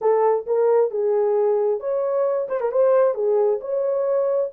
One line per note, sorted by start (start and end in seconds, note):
0.01 0.46 A4
0.46 0.90 A#4
0.90 1.80 G#4
1.80 2.47 C#5
2.49 2.60 C5
2.60 2.71 A#4
2.71 3.14 C5
3.14 3.59 G#4
3.60 4.51 C#5